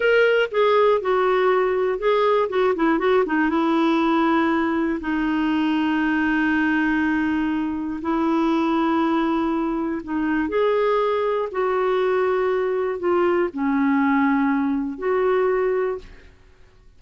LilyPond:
\new Staff \with { instrumentName = "clarinet" } { \time 4/4 \tempo 4 = 120 ais'4 gis'4 fis'2 | gis'4 fis'8 e'8 fis'8 dis'8 e'4~ | e'2 dis'2~ | dis'1 |
e'1 | dis'4 gis'2 fis'4~ | fis'2 f'4 cis'4~ | cis'2 fis'2 | }